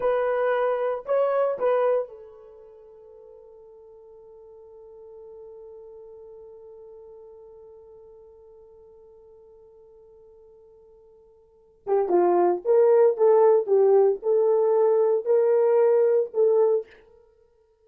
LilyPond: \new Staff \with { instrumentName = "horn" } { \time 4/4 \tempo 4 = 114 b'2 cis''4 b'4 | a'1~ | a'1~ | a'1~ |
a'1~ | a'2~ a'8 g'8 f'4 | ais'4 a'4 g'4 a'4~ | a'4 ais'2 a'4 | }